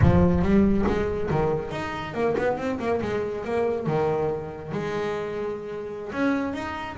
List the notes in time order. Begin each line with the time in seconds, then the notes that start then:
0.02 F3
0.42 G3
0.86 G#3
1.30 D#3
1.71 D#4
2.14 A#3
2.37 B3
2.57 C4
2.79 A#3
3.01 G#3
3.44 A#3
3.86 D#3
4.72 G#3
6.12 C#4
6.53 D#4